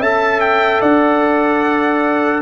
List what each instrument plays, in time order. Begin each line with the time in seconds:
0.00 tuba C#4, trombone A4, horn E5, trumpet A5
0.41 trumpet G5
0.81 tuba D4, horn D5, trumpet F#5